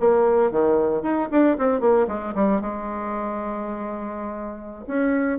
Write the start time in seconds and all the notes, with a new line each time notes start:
0.00 A#3
0.52 D#3
1.03 D#4
1.31 D4
1.58 C4
1.81 A#3
2.08 G#3
2.35 G3
2.61 G#3
4.87 C#4